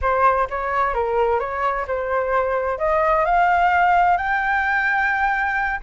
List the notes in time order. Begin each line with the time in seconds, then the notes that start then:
0.01 C5
0.49 C#5
0.93 A#4
1.39 C#5
1.87 C5
2.78 D#5
3.25 F5
4.17 G5